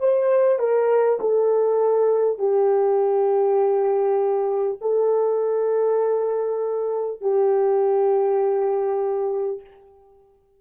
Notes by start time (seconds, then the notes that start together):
0.00 C5
0.59 A#4
1.21 A4
2.38 G4
4.81 A4
7.21 G4